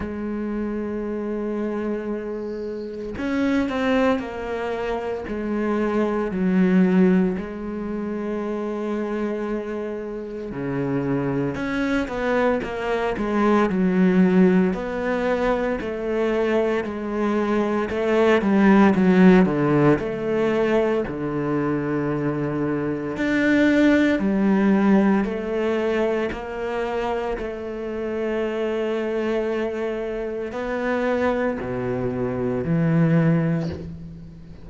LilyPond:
\new Staff \with { instrumentName = "cello" } { \time 4/4 \tempo 4 = 57 gis2. cis'8 c'8 | ais4 gis4 fis4 gis4~ | gis2 cis4 cis'8 b8 | ais8 gis8 fis4 b4 a4 |
gis4 a8 g8 fis8 d8 a4 | d2 d'4 g4 | a4 ais4 a2~ | a4 b4 b,4 e4 | }